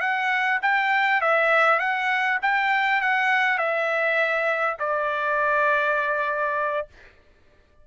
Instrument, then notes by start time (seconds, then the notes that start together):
trumpet
0.00 F#5
0.62 G5
1.21 E5
1.79 F#5
2.42 G5
3.01 F#5
3.58 E5
4.79 D5